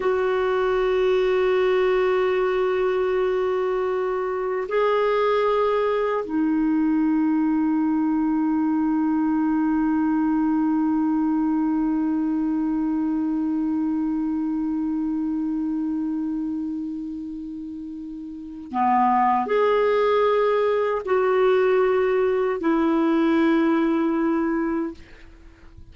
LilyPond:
\new Staff \with { instrumentName = "clarinet" } { \time 4/4 \tempo 4 = 77 fis'1~ | fis'2 gis'2 | dis'1~ | dis'1~ |
dis'1~ | dis'1 | b4 gis'2 fis'4~ | fis'4 e'2. | }